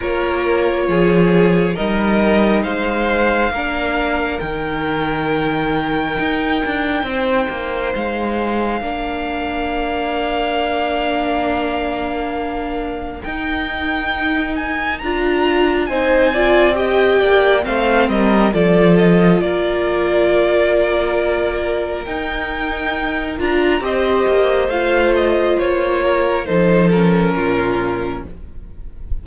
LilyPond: <<
  \new Staff \with { instrumentName = "violin" } { \time 4/4 \tempo 4 = 68 cis''2 dis''4 f''4~ | f''4 g''2.~ | g''4 f''2.~ | f''2. g''4~ |
g''8 gis''8 ais''4 gis''4 g''4 | f''8 dis''8 d''8 dis''8 d''2~ | d''4 g''4. ais''8 dis''4 | f''8 dis''8 cis''4 c''8 ais'4. | }
  \new Staff \with { instrumentName = "violin" } { \time 4/4 ais'4 gis'4 ais'4 c''4 | ais'1 | c''2 ais'2~ | ais'1~ |
ais'2 c''8 d''8 dis''8 d''8 | c''8 ais'8 a'4 ais'2~ | ais'2. c''4~ | c''4. ais'8 a'4 f'4 | }
  \new Staff \with { instrumentName = "viola" } { \time 4/4 f'2 dis'2 | d'4 dis'2.~ | dis'2 d'2~ | d'2. dis'4~ |
dis'4 f'4 dis'8 f'8 g'4 | c'4 f'2.~ | f'4 dis'4. f'8 g'4 | f'2 dis'8 cis'4. | }
  \new Staff \with { instrumentName = "cello" } { \time 4/4 ais4 f4 g4 gis4 | ais4 dis2 dis'8 d'8 | c'8 ais8 gis4 ais2~ | ais2. dis'4~ |
dis'4 d'4 c'4. ais8 | a8 g8 f4 ais2~ | ais4 dis'4. d'8 c'8 ais8 | a4 ais4 f4 ais,4 | }
>>